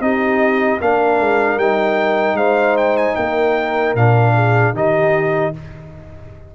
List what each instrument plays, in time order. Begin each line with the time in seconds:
0.00 tuba C4, trombone D#4, horn G4, trumpet D#5
0.80 tuba A#3, trombone D4, horn A#4, trumpet F5
1.20 tuba G#3
1.57 tuba G3, trombone D#4, trumpet G5
2.34 tuba G#3, horn C5, trumpet F5
2.77 trumpet G5
2.97 trumpet G#5
3.15 tuba A#3, horn A#4, trumpet G5
3.95 tuba A#2, trombone D4, trumpet F5
4.35 horn G#4
4.74 tuba D#3, trombone D#4, horn G4, trumpet D#5